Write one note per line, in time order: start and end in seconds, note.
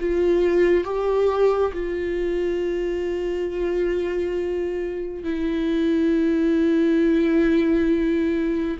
0.00 0.84 F4
0.84 1.72 G4
1.73 5.24 F4
5.24 8.77 E4